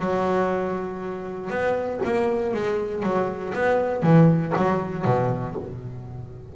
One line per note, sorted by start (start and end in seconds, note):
0.00 1.51 F#3
1.51 2.01 B3
2.05 2.54 A#3
2.54 3.03 G#3
3.03 3.53 F#3
3.54 4.03 B3
4.03 4.53 E3
4.57 5.05 F#3
5.05 5.56 B2